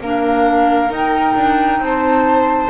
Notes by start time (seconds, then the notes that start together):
0.00 A#3 D4 A#4 F5
0.89 D#4 G5
1.35 D4
1.79 C4 C5 A5